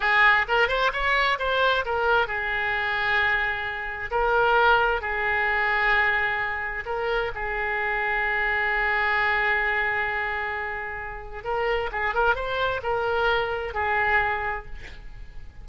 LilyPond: \new Staff \with { instrumentName = "oboe" } { \time 4/4 \tempo 4 = 131 gis'4 ais'8 c''8 cis''4 c''4 | ais'4 gis'2.~ | gis'4 ais'2 gis'4~ | gis'2. ais'4 |
gis'1~ | gis'1~ | gis'4 ais'4 gis'8 ais'8 c''4 | ais'2 gis'2 | }